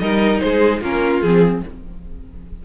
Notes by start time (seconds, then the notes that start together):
0.00 G3 D#4 A#4 D#5
0.40 G#3 G#4 C5
0.81 A#3 C#4 F4 A#4
1.22 F3 C4 G#4